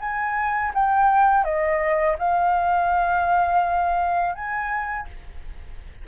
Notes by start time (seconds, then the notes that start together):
0.00 G#5
0.74 G5
1.44 D#5
2.19 F5
4.35 G#5